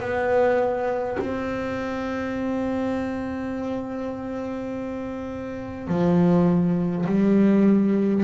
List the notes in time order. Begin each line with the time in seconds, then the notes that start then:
0.00 B3
1.19 C4
5.87 F3
7.06 G3